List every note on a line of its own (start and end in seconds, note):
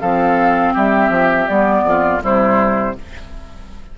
0.00 0.74 F3
0.00 1.48 C4
0.00 0.73 A4
0.00 0.73 F5
0.73 1.09 G3
0.73 1.83 G4
0.73 1.48 E5
1.09 1.46 F3
1.48 1.83 G3
1.48 2.21 B3
1.48 2.21 D5
1.83 2.20 F2
1.83 2.22 F4
2.21 2.96 C3
2.21 2.94 G3
2.21 2.95 E4
2.21 2.98 C5